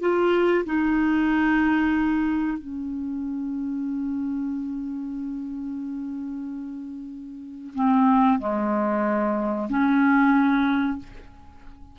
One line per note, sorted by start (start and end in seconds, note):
0.00 0.65 F4
0.65 2.58 D#4
2.58 7.74 C#4
7.74 8.39 C4
8.39 9.68 G#3
9.69 10.98 C#4